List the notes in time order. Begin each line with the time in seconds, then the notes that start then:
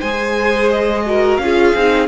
0.00 G#3 G#4 C5 G#5
0.71 D#5
1.06 F#4 A#4
1.38 C#4 F4 F5
1.45 G#4
1.76 C4 D#4